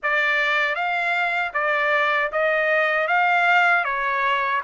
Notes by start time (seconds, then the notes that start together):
0.02 D5
0.75 F5
1.53 D5
2.31 D#5
3.07 F5
3.84 C#5